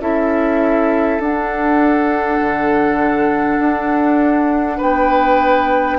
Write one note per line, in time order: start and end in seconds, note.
0.00 1.19 C#4
0.00 1.21 E4
0.00 4.77 A4
0.00 1.21 E5
1.19 2.39 D4
1.19 5.99 D4
1.19 4.81 F#5
2.41 3.59 D3
3.59 4.79 D4
4.77 5.99 B3
4.77 5.97 B4
4.77 5.99 G5